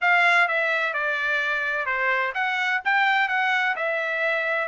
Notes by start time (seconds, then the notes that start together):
0.01 F5
0.48 E5
0.93 D5
1.85 C5
2.34 F#5
2.84 G5
3.28 F#5
3.76 E5